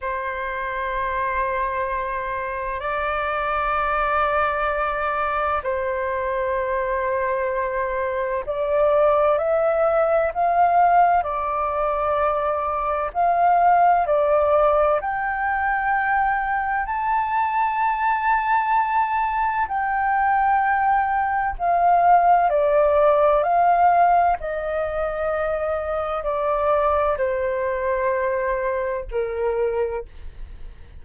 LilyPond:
\new Staff \with { instrumentName = "flute" } { \time 4/4 \tempo 4 = 64 c''2. d''4~ | d''2 c''2~ | c''4 d''4 e''4 f''4 | d''2 f''4 d''4 |
g''2 a''2~ | a''4 g''2 f''4 | d''4 f''4 dis''2 | d''4 c''2 ais'4 | }